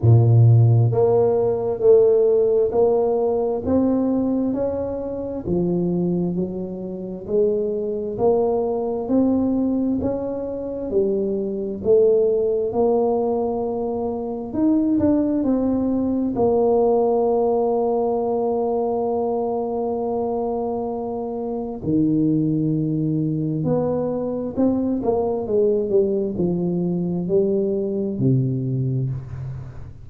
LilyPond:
\new Staff \with { instrumentName = "tuba" } { \time 4/4 \tempo 4 = 66 ais,4 ais4 a4 ais4 | c'4 cis'4 f4 fis4 | gis4 ais4 c'4 cis'4 | g4 a4 ais2 |
dis'8 d'8 c'4 ais2~ | ais1 | dis2 b4 c'8 ais8 | gis8 g8 f4 g4 c4 | }